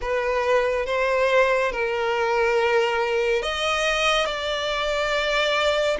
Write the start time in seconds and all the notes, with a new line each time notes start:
0.01 B4
0.86 C5
1.72 A#4
3.42 D#5
4.25 D5